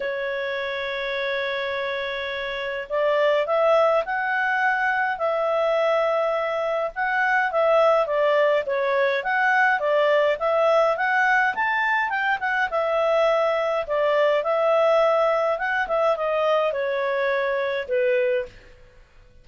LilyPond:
\new Staff \with { instrumentName = "clarinet" } { \time 4/4 \tempo 4 = 104 cis''1~ | cis''4 d''4 e''4 fis''4~ | fis''4 e''2. | fis''4 e''4 d''4 cis''4 |
fis''4 d''4 e''4 fis''4 | a''4 g''8 fis''8 e''2 | d''4 e''2 fis''8 e''8 | dis''4 cis''2 b'4 | }